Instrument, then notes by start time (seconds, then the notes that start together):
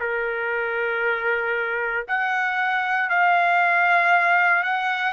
trumpet
0.00 A#4
2.08 F#5
3.10 F5
4.64 F#5